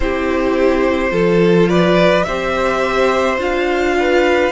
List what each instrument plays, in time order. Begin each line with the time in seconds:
0.00 cello C4, viola E4, violin G4 C5
1.11 cello F3, viola F4, violin A4
1.68 violin B4 D5
2.23 cello C4, viola G4, violin C5 E5
3.37 cello D4, viola F4, violin F5
3.99 violin B4